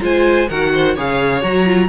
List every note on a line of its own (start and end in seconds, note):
0.00 0.50 G#3
0.00 0.47 F4
0.00 0.48 C5
0.00 0.49 G#5
0.48 0.97 D#3
0.48 0.97 F#4
0.48 0.72 A#4
0.48 0.96 F#5
0.74 0.95 C5
0.95 1.43 C#3
0.95 1.42 G#4
0.95 1.88 C#5
0.95 1.43 F5
1.42 1.89 F#3
1.42 1.65 F#4
1.42 1.89 A#5
1.66 1.89 F4